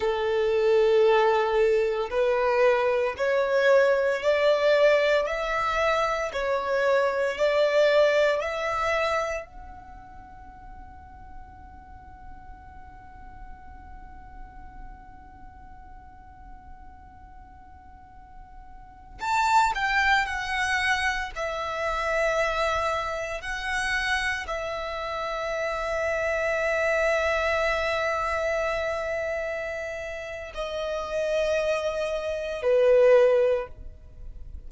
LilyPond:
\new Staff \with { instrumentName = "violin" } { \time 4/4 \tempo 4 = 57 a'2 b'4 cis''4 | d''4 e''4 cis''4 d''4 | e''4 fis''2.~ | fis''1~ |
fis''2~ fis''16 a''8 g''8 fis''8.~ | fis''16 e''2 fis''4 e''8.~ | e''1~ | e''4 dis''2 b'4 | }